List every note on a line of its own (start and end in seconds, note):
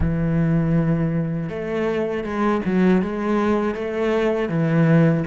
0.00 1.49 E3
1.49 2.23 A3
2.23 2.61 G#3
2.65 3.01 F#3
3.01 3.74 G#3
3.74 4.48 A3
4.48 5.23 E3